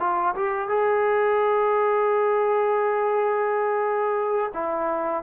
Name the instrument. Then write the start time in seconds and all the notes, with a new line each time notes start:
trombone
0.00 F4
0.36 G4
0.69 G#4
4.54 E4